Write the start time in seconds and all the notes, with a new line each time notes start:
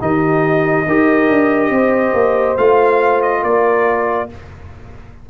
0.00 D#3 D#4 G4 D#5
0.86 D#4 G4 A#4
1.29 D4
1.70 C4 C5
2.14 A#3
2.57 A3 F4 F5
3.22 D#5
3.42 A#3 A#4 D5